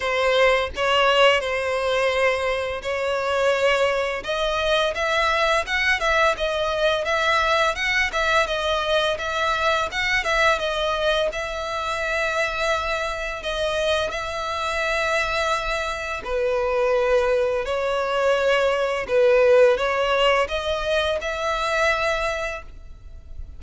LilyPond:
\new Staff \with { instrumentName = "violin" } { \time 4/4 \tempo 4 = 85 c''4 cis''4 c''2 | cis''2 dis''4 e''4 | fis''8 e''8 dis''4 e''4 fis''8 e''8 | dis''4 e''4 fis''8 e''8 dis''4 |
e''2. dis''4 | e''2. b'4~ | b'4 cis''2 b'4 | cis''4 dis''4 e''2 | }